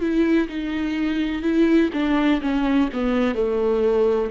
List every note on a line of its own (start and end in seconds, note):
0.00 0.48 E4
0.48 1.42 D#4
1.42 1.90 E4
1.93 2.40 D4
2.41 2.89 C#4
2.93 3.35 B3
3.35 4.30 A3